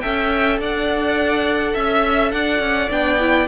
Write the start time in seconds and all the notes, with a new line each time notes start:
0.00 C#4 A4 E5 G5
0.59 D4 D5 F#5
1.74 C#4 E5
2.32 D4 D5 F#5
2.59 C#4
2.90 B3 D4 G5
3.20 E4